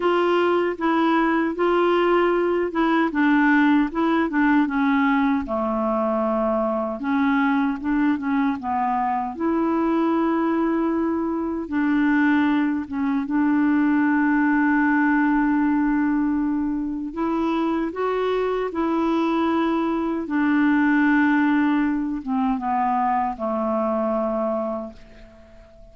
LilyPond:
\new Staff \with { instrumentName = "clarinet" } { \time 4/4 \tempo 4 = 77 f'4 e'4 f'4. e'8 | d'4 e'8 d'8 cis'4 a4~ | a4 cis'4 d'8 cis'8 b4 | e'2. d'4~ |
d'8 cis'8 d'2.~ | d'2 e'4 fis'4 | e'2 d'2~ | d'8 c'8 b4 a2 | }